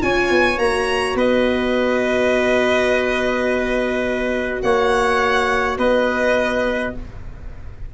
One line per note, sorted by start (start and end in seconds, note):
0.00 0.31 C#4
0.00 0.58 F4
0.00 1.17 C#5
0.00 0.59 G#5
0.31 0.58 B3
0.58 1.15 A#3
0.58 6.92 F#4
0.58 1.17 A#5
1.15 4.61 B3
1.15 4.63 B4
1.15 4.62 D#5
4.62 5.78 A#3
4.62 5.79 C#5
4.62 5.78 F#5
5.78 6.94 B3
5.78 6.95 B4
5.78 6.94 D#5